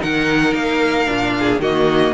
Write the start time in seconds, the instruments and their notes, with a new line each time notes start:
0.00 cello D#3, viola D#4, violin A#4 F#5
0.53 cello A#3, violin F5
1.06 cello A#2, viola D4
1.39 violin G#4
1.58 cello D#3, viola A#3, violin F#4 D#5